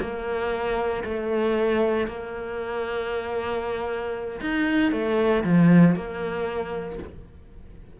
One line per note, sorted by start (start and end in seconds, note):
0.00 1.03 A#3
1.04 2.07 A3
2.07 4.40 A#3
4.41 4.92 D#4
4.92 5.43 A3
5.44 5.95 F3
5.95 6.99 A#3